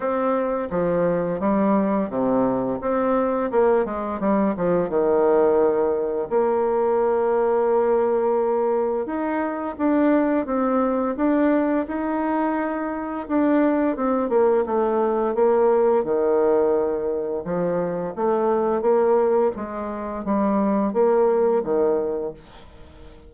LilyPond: \new Staff \with { instrumentName = "bassoon" } { \time 4/4 \tempo 4 = 86 c'4 f4 g4 c4 | c'4 ais8 gis8 g8 f8 dis4~ | dis4 ais2.~ | ais4 dis'4 d'4 c'4 |
d'4 dis'2 d'4 | c'8 ais8 a4 ais4 dis4~ | dis4 f4 a4 ais4 | gis4 g4 ais4 dis4 | }